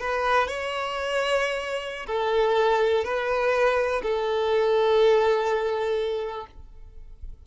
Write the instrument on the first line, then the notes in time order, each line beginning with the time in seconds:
violin
0.00 B4
0.48 C#5
2.07 A4
3.04 B4
4.03 A4